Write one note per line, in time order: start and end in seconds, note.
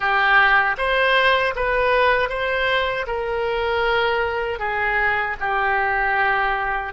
0.00 0.76 G4
0.77 1.54 C5
1.55 2.29 B4
2.29 3.06 C5
3.06 4.59 A#4
4.59 5.36 G#4
5.40 6.93 G4